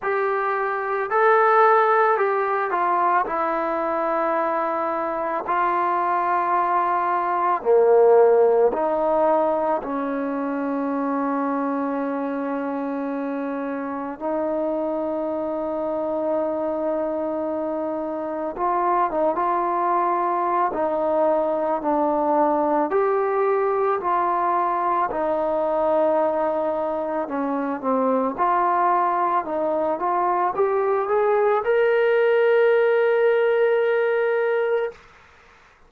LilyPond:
\new Staff \with { instrumentName = "trombone" } { \time 4/4 \tempo 4 = 55 g'4 a'4 g'8 f'8 e'4~ | e'4 f'2 ais4 | dis'4 cis'2.~ | cis'4 dis'2.~ |
dis'4 f'8 dis'16 f'4~ f'16 dis'4 | d'4 g'4 f'4 dis'4~ | dis'4 cis'8 c'8 f'4 dis'8 f'8 | g'8 gis'8 ais'2. | }